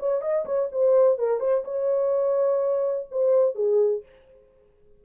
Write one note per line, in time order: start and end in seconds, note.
0.00 0.22 C#5
0.22 0.45 D#5
0.46 0.70 C#5
0.72 1.19 C5
1.19 1.40 A#4
1.40 1.64 C5
1.65 3.08 C#5
3.11 3.56 C5
3.56 4.03 G#4